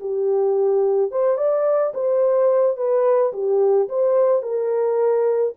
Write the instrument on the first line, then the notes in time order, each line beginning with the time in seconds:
horn
0.00 G4
1.11 C5
1.37 D5
1.94 C5
2.77 B4
3.33 G4
3.89 C5
4.42 A#4